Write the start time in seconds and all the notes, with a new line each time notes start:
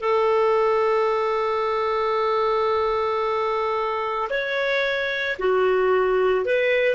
0.00 A4
4.30 C#5
5.39 F#4
6.45 B4